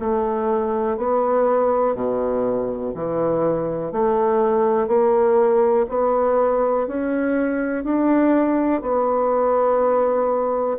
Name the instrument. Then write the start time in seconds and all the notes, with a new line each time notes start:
bassoon
0.00 A3
0.98 B3
1.95 B2
2.95 E3
3.93 A3
4.88 A#3
5.89 B3
6.88 C#4
7.85 D4
8.82 B3